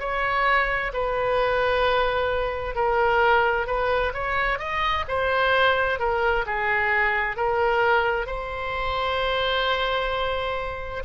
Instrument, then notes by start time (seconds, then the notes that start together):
oboe
0.00 C#5
0.93 B4
2.75 A#4
3.67 B4
4.14 C#5
4.59 D#5
5.08 C5
5.99 A#4
6.46 G#4
7.37 A#4
8.27 C5